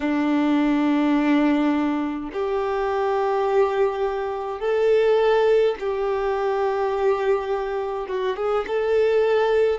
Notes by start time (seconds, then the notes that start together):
0.00 D4
2.32 G4
4.59 A4
5.80 G4
8.07 F#4
8.36 G#4
8.67 A4